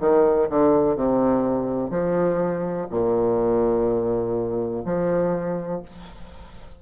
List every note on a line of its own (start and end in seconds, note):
0.00 0.48 D#3
0.50 0.96 D3
0.96 1.90 C3
1.90 2.87 F3
2.90 4.83 A#2
4.85 5.82 F3